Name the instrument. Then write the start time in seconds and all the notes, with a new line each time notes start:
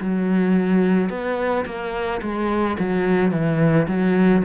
cello
0.00 F#3
1.10 B3
1.65 A#3
2.21 G#3
2.79 F#3
3.31 E3
3.88 F#3